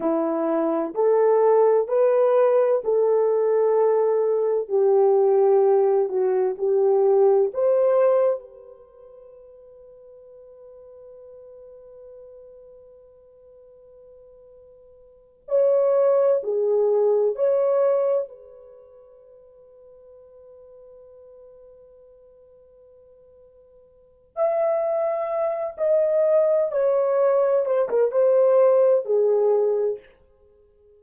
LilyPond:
\new Staff \with { instrumentName = "horn" } { \time 4/4 \tempo 4 = 64 e'4 a'4 b'4 a'4~ | a'4 g'4. fis'8 g'4 | c''4 b'2.~ | b'1~ |
b'8 cis''4 gis'4 cis''4 b'8~ | b'1~ | b'2 e''4. dis''8~ | dis''8 cis''4 c''16 ais'16 c''4 gis'4 | }